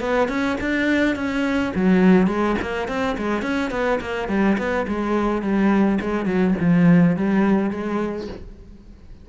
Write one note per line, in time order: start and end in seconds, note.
0.00 0.28 B3
0.28 0.57 C#4
0.60 1.15 D4
1.15 1.72 C#4
1.75 2.27 F#3
2.27 2.55 G#3
2.61 2.88 A#3
2.88 3.16 C4
3.17 3.42 G#3
3.42 3.70 C#4
3.71 3.99 B3
4.01 4.28 A#3
4.28 4.57 G3
4.58 4.86 B3
4.87 5.41 G#3
5.41 5.98 G3
6.00 6.25 G#3
6.25 6.54 F#3
6.59 7.16 F3
7.16 7.70 G3
7.70 8.27 G#3